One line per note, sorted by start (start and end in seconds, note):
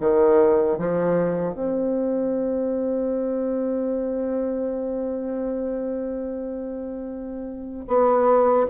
0.00 0.78 D#3
0.78 1.54 F3
1.54 7.86 C4
7.88 8.67 B3